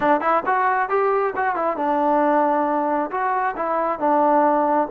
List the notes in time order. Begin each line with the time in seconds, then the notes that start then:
0.00 D4
0.21 E4
0.45 F#4
0.89 G4
1.36 F#4
1.55 E4
1.77 D4
3.10 F#4
3.56 E4
3.99 D4